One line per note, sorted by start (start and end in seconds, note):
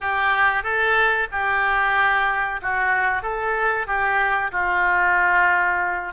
0.00 0.63 G4
0.63 1.27 A4
1.31 2.60 G4
2.62 3.22 F#4
3.22 3.86 A4
3.86 4.51 G4
4.51 6.13 F4